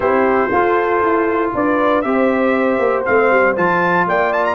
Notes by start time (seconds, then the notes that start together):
0.00 C4 E4 G4 C5
0.51 F4 A4
1.02 E4
1.54 D4 B4 D5
2.01 C4 G4 C5 E5
2.78 A#3
3.05 A3 C4 F5
3.31 G3
3.56 F3 F4 A5
4.07 A#3 D5 G5
4.32 A5
4.44 A#5